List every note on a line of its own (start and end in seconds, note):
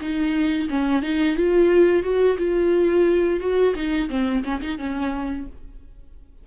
0.00 0.68 D#4
0.69 1.02 C#4
1.02 1.36 D#4
1.36 2.03 F4
2.03 2.37 F#4
2.37 3.40 F4
3.40 3.74 F#4
3.74 4.08 D#4
4.09 4.43 C4
4.43 4.61 C#4
4.61 4.78 D#4
4.78 5.46 C#4